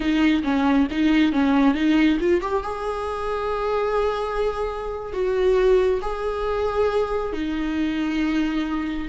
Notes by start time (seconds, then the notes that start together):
0.00 D#4
0.43 C#4
0.90 D#4
1.32 C#4
1.74 D#4
2.20 F4
2.41 G4
2.63 G#4
5.12 F#4
6.01 G#4
7.33 D#4